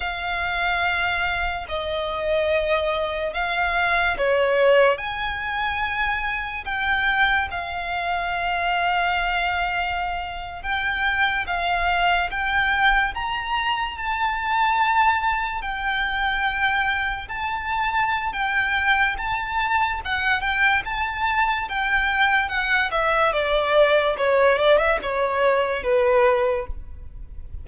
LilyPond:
\new Staff \with { instrumentName = "violin" } { \time 4/4 \tempo 4 = 72 f''2 dis''2 | f''4 cis''4 gis''2 | g''4 f''2.~ | f''8. g''4 f''4 g''4 ais''16~ |
ais''8. a''2 g''4~ g''16~ | g''8. a''4~ a''16 g''4 a''4 | fis''8 g''8 a''4 g''4 fis''8 e''8 | d''4 cis''8 d''16 e''16 cis''4 b'4 | }